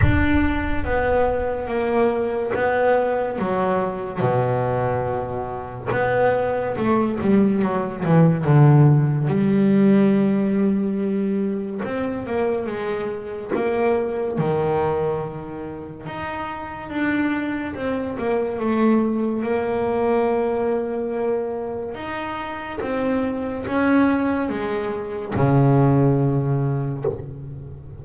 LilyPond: \new Staff \with { instrumentName = "double bass" } { \time 4/4 \tempo 4 = 71 d'4 b4 ais4 b4 | fis4 b,2 b4 | a8 g8 fis8 e8 d4 g4~ | g2 c'8 ais8 gis4 |
ais4 dis2 dis'4 | d'4 c'8 ais8 a4 ais4~ | ais2 dis'4 c'4 | cis'4 gis4 cis2 | }